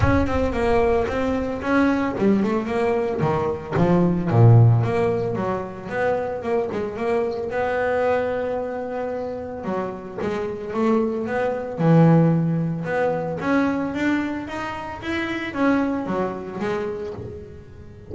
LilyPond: \new Staff \with { instrumentName = "double bass" } { \time 4/4 \tempo 4 = 112 cis'8 c'8 ais4 c'4 cis'4 | g8 a8 ais4 dis4 f4 | ais,4 ais4 fis4 b4 | ais8 gis8 ais4 b2~ |
b2 fis4 gis4 | a4 b4 e2 | b4 cis'4 d'4 dis'4 | e'4 cis'4 fis4 gis4 | }